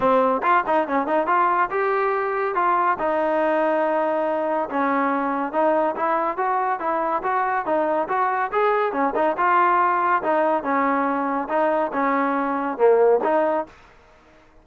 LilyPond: \new Staff \with { instrumentName = "trombone" } { \time 4/4 \tempo 4 = 141 c'4 f'8 dis'8 cis'8 dis'8 f'4 | g'2 f'4 dis'4~ | dis'2. cis'4~ | cis'4 dis'4 e'4 fis'4 |
e'4 fis'4 dis'4 fis'4 | gis'4 cis'8 dis'8 f'2 | dis'4 cis'2 dis'4 | cis'2 ais4 dis'4 | }